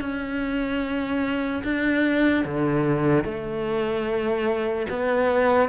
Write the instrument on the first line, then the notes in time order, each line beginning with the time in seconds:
cello
0.00 C#4
1.64 D4
2.45 D3
3.24 A3
4.89 B3